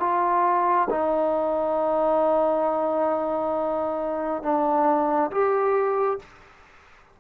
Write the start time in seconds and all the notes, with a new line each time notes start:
0.00 F4
0.90 D#4
4.43 D4
5.31 G4